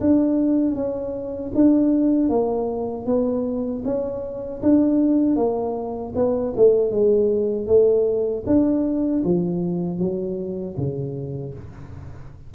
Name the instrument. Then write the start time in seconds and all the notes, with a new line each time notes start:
tuba
0.00 D4
0.75 C#4
1.54 D4
2.29 A#3
3.05 B3
3.84 C#4
4.62 D4
5.36 A#3
6.15 B3
6.56 A3
6.91 G#3
7.66 A3
8.46 D4
9.24 F3
9.98 F#3
10.77 C#3